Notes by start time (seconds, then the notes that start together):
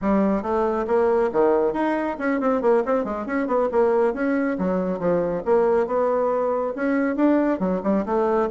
0.01 G3
0.42 A3
0.87 A#3
1.32 D#3
1.73 D#4
2.19 C#4
2.40 C4
2.61 A#3
2.85 C4
3.04 G#3
3.26 C#4
3.47 B3
3.71 A#3
4.13 C#4
4.58 F#3
4.99 F3
5.45 A#3
5.86 B3
6.75 C#4
7.16 D4
7.59 F#3
7.83 G3
8.05 A3